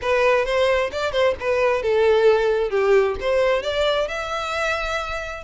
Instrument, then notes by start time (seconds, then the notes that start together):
violin
0.01 B4
0.45 C5
0.92 D5
1.12 C5
1.40 B4
1.82 A4
2.70 G4
3.20 C5
3.62 D5
4.08 E5